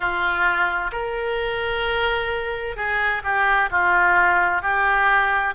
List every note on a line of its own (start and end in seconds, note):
0.00 0.91 F4
0.92 2.76 A#4
2.76 3.22 G#4
3.23 3.69 G4
3.70 4.62 F4
4.62 5.54 G4